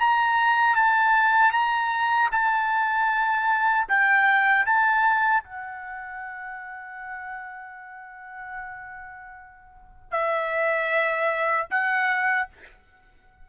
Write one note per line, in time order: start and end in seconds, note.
0.00 0.76 A#5
0.76 1.52 A5
1.52 2.30 A#5
2.32 3.87 A5
3.89 4.66 G5
4.66 5.44 A5
5.44 10.11 F#5
10.11 11.67 E5
11.71 12.49 F#5